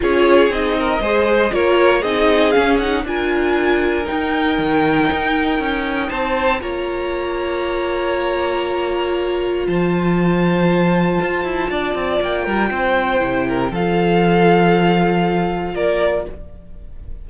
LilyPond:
<<
  \new Staff \with { instrumentName = "violin" } { \time 4/4 \tempo 4 = 118 cis''4 dis''2 cis''4 | dis''4 f''8 fis''8 gis''2 | g''1 | a''4 ais''2.~ |
ais''2. a''4~ | a''1 | g''2. f''4~ | f''2. d''4 | }
  \new Staff \with { instrumentName = "violin" } { \time 4/4 gis'4. ais'8 c''4 ais'4 | gis'2 ais'2~ | ais'1 | c''4 cis''2.~ |
cis''2. c''4~ | c''2. d''4~ | d''8 ais'8 c''4. ais'8 a'4~ | a'2. ais'4 | }
  \new Staff \with { instrumentName = "viola" } { \time 4/4 f'4 dis'4 gis'4 f'4 | dis'4 cis'8 dis'8 f'2 | dis'1~ | dis'4 f'2.~ |
f'1~ | f'1~ | f'2 e'4 f'4~ | f'1 | }
  \new Staff \with { instrumentName = "cello" } { \time 4/4 cis'4 c'4 gis4 ais4 | c'4 cis'4 d'2 | dis'4 dis4 dis'4 cis'4 | c'4 ais2.~ |
ais2. f4~ | f2 f'8 e'8 d'8 c'8 | ais8 g8 c'4 c4 f4~ | f2. ais4 | }
>>